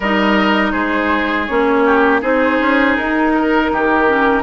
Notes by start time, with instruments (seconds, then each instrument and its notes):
0.00 bassoon G3, clarinet D#4, oboe A#4, flute D#5
0.71 bassoon G#3, oboe G#4, flute C5
1.46 bassoon A#3, clarinet C#4, flute C#5
1.85 oboe G4
2.21 bassoon C4, clarinet D#4, oboe G#4, flute C5
2.60 bassoon C#4
2.96 bassoon D#4, flute A#4
3.34 oboe A#4
3.72 bassoon D#3, oboe G4
4.07 clarinet C#4